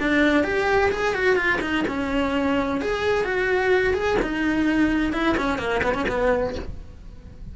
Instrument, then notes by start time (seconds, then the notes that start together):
cello
0.00 D4
0.44 G4
0.91 G#4
1.15 F#4
1.36 F4
1.61 D#4
1.88 C#4
2.81 G#4
3.25 F#4
3.94 G#4
4.22 D#4
5.13 E4
5.37 C#4
5.58 A#3
5.83 B3
5.94 C#4
6.09 B3